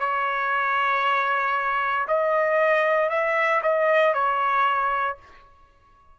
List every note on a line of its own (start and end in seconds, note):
0.00 2.07 C#5
2.08 3.10 D#5
3.10 3.62 E5
3.63 4.14 D#5
4.14 5.18 C#5